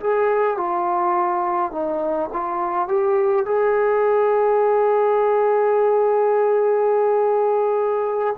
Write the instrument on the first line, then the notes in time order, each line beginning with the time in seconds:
trombone
0.00 G#4
0.57 F4
1.72 D#4
2.32 F4
2.88 G4
3.45 G#4